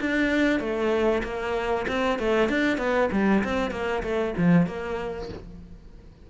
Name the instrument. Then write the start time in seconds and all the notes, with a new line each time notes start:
cello
0.00 D4
0.60 A3
1.23 A#3
1.88 C4
2.19 A3
2.49 D4
2.78 B3
3.12 G3
3.43 C4
3.71 A#3
4.03 A3
4.37 F3
4.66 A#3